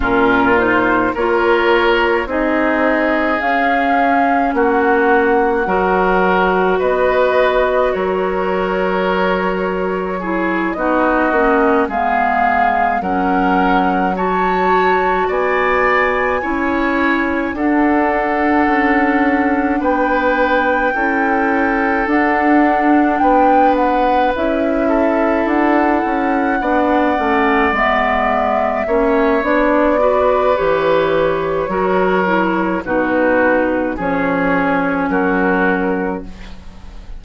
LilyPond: <<
  \new Staff \with { instrumentName = "flute" } { \time 4/4 \tempo 4 = 53 ais'8 c''8 cis''4 dis''4 f''4 | fis''2 dis''4 cis''4~ | cis''4. dis''4 f''4 fis''8~ | fis''8 a''4 gis''2 fis''8~ |
fis''4. g''2 fis''8~ | fis''8 g''8 fis''8 e''4 fis''4.~ | fis''8 e''4. d''4 cis''4~ | cis''4 b'4 cis''4 ais'4 | }
  \new Staff \with { instrumentName = "oboe" } { \time 4/4 f'4 ais'4 gis'2 | fis'4 ais'4 b'4 ais'4~ | ais'4 gis'8 fis'4 gis'4 ais'8~ | ais'8 cis''4 d''4 cis''4 a'8~ |
a'4. b'4 a'4.~ | a'8 b'4. a'4. d''8~ | d''4. cis''4 b'4. | ais'4 fis'4 gis'4 fis'4 | }
  \new Staff \with { instrumentName = "clarinet" } { \time 4/4 cis'8 dis'8 f'4 dis'4 cis'4~ | cis'4 fis'2.~ | fis'4 e'8 dis'8 cis'8 b4 cis'8~ | cis'8 fis'2 e'4 d'8~ |
d'2~ d'8 e'4 d'8~ | d'4. e'2 d'8 | cis'8 b4 cis'8 d'8 fis'8 g'4 | fis'8 e'8 dis'4 cis'2 | }
  \new Staff \with { instrumentName = "bassoon" } { \time 4/4 ais,4 ais4 c'4 cis'4 | ais4 fis4 b4 fis4~ | fis4. b8 ais8 gis4 fis8~ | fis4. b4 cis'4 d'8~ |
d'8 cis'4 b4 cis'4 d'8~ | d'8 b4 cis'4 d'8 cis'8 b8 | a8 gis4 ais8 b4 e4 | fis4 b,4 f4 fis4 | }
>>